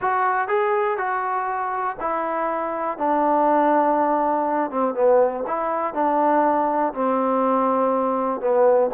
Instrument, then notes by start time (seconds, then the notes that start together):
trombone
0.01 F#4
0.48 G#4
0.97 F#4
2.00 E4
2.98 D4
4.71 C4
4.94 B3
5.47 E4
5.93 D4
6.93 C4
8.40 B3